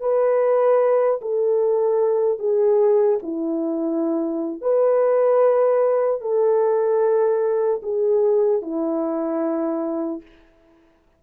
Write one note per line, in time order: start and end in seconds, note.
0.00 1.20 B4
1.21 2.39 A4
2.39 3.19 G#4
3.22 4.61 E4
4.61 6.21 B4
6.21 7.81 A4
7.83 8.61 G#4
8.61 10.21 E4